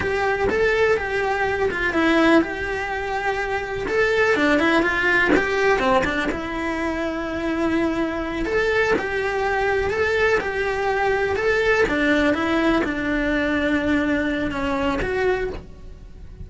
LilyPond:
\new Staff \with { instrumentName = "cello" } { \time 4/4 \tempo 4 = 124 g'4 a'4 g'4. f'8 | e'4 g'2. | a'4 d'8 e'8 f'4 g'4 | c'8 d'8 e'2.~ |
e'4. a'4 g'4.~ | g'8 a'4 g'2 a'8~ | a'8 d'4 e'4 d'4.~ | d'2 cis'4 fis'4 | }